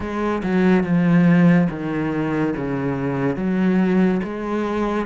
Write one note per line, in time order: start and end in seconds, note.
0.00 0.42 G#3
0.43 0.83 F#3
0.83 1.67 F3
1.69 2.54 D#3
2.56 3.36 C#3
3.36 4.20 F#3
4.23 5.06 G#3